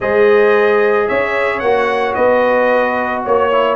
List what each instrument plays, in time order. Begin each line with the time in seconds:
0.00 tuba G#3, trombone G#4, horn C5, trumpet D#5
1.08 tuba C#4, horn C#5, trumpet E5
1.59 tuba A#3, trombone F#4, trumpet F#5
2.14 tuba B3, horn B4, trumpet D#5
3.24 tuba A#3, horn C#5, trumpet C#5
3.51 trombone E4